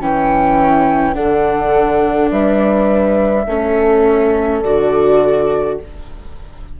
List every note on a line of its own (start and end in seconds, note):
0.00 1.15 E3
0.00 1.14 C#4
0.00 1.16 E4
0.00 1.14 G5
1.14 2.31 D3
1.14 3.45 D4
1.14 2.31 A4
1.14 2.29 F#5
2.31 3.46 G3
2.31 3.47 B4
2.31 4.62 E5
3.46 4.62 A3
3.46 4.64 C#4
3.46 5.78 A4
4.62 5.80 D3
4.62 5.80 F#4
4.62 5.77 D5